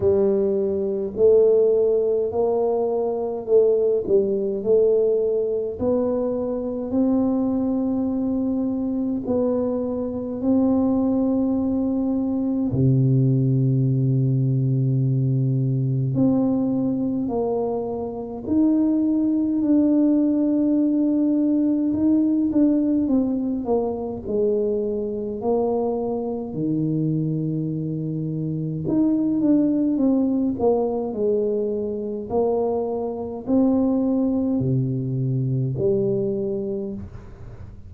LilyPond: \new Staff \with { instrumentName = "tuba" } { \time 4/4 \tempo 4 = 52 g4 a4 ais4 a8 g8 | a4 b4 c'2 | b4 c'2 c4~ | c2 c'4 ais4 |
dis'4 d'2 dis'8 d'8 | c'8 ais8 gis4 ais4 dis4~ | dis4 dis'8 d'8 c'8 ais8 gis4 | ais4 c'4 c4 g4 | }